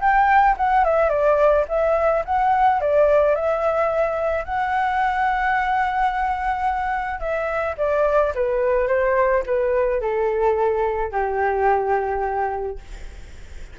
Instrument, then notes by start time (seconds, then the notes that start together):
flute
0.00 G5
0.57 F#5
0.84 E5
1.09 D5
1.68 E5
2.25 F#5
2.81 D5
3.35 E5
4.44 F#5
7.19 E5
7.77 D5
8.34 B4
8.87 C5
9.46 B4
10.00 A4
11.11 G4